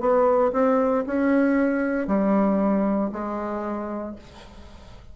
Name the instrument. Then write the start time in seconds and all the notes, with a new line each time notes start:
bassoon
0.00 B3
0.53 C4
1.07 C#4
2.07 G3
3.12 G#3